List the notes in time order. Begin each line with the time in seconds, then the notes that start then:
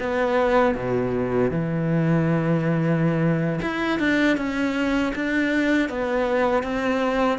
0.00 B3
0.75 B2
1.51 E3
3.62 E4
3.99 D4
4.37 C#4
5.15 D4
5.89 B3
6.64 C4